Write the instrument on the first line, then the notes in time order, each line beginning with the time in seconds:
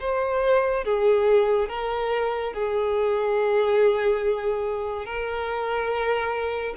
violin
0.00 C5
0.85 G#4
1.69 A#4
2.53 G#4
5.06 A#4